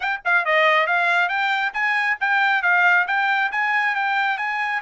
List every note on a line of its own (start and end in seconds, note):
0.00 0.21 G5
0.24 0.45 F5
0.45 0.86 D#5
0.86 1.28 F5
1.28 1.72 G5
1.73 2.17 G#5
2.20 2.62 G5
2.62 3.06 F5
3.07 3.51 G5
3.51 3.95 G#5
3.95 4.37 G5
4.37 4.81 G#5